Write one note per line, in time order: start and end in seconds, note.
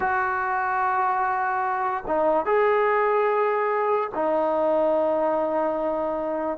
0.00 2.04 F#4
2.06 2.45 D#4
2.45 4.10 G#4
4.14 6.58 D#4